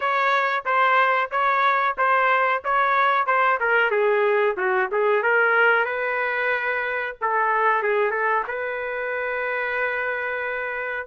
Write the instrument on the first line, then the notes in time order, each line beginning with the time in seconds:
trumpet
0.00 C#5
0.65 C5
1.31 C#5
1.97 C5
2.64 C#5
3.26 C5
3.60 A#4
3.90 G#4
4.57 F#4
4.91 G#4
5.22 A#4
5.85 B4
7.21 A4
7.83 G#4
8.10 A4
8.47 B4